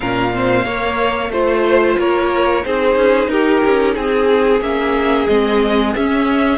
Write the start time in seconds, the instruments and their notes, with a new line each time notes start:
0.00 cello A#2, viola C#4, violin A#4 F5
0.33 viola C4, violin C5
0.65 cello A#3, viola A#3, violin C#5
1.29 cello A3, viola F4, violin C5
1.98 cello A#3, violin A#4 C#5
2.63 cello C4, viola D#4, violin G#4 C5
2.95 cello C#4
3.28 cello D#4, violin G4 A#4
3.65 cello C#4
3.94 cello C4, violin G#4
4.60 cello A#3, viola C#4, violin E5
5.27 cello G#3, viola C4, violin D#5
5.95 viola C#4, cello C#4, violin E5